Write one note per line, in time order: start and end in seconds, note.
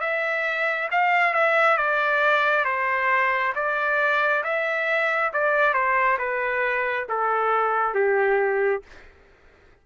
0.00 0.88 E5
0.91 1.34 F5
1.34 1.77 E5
1.77 2.64 D5
2.64 3.53 C5
3.55 4.43 D5
4.43 5.31 E5
5.33 5.73 D5
5.73 6.17 C5
6.18 7.06 B4
7.08 7.94 A4
7.94 8.82 G4